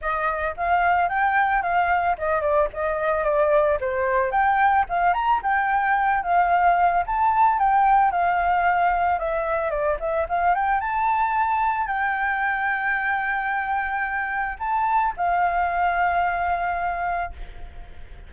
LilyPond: \new Staff \with { instrumentName = "flute" } { \time 4/4 \tempo 4 = 111 dis''4 f''4 g''4 f''4 | dis''8 d''8 dis''4 d''4 c''4 | g''4 f''8 ais''8 g''4. f''8~ | f''4 a''4 g''4 f''4~ |
f''4 e''4 d''8 e''8 f''8 g''8 | a''2 g''2~ | g''2. a''4 | f''1 | }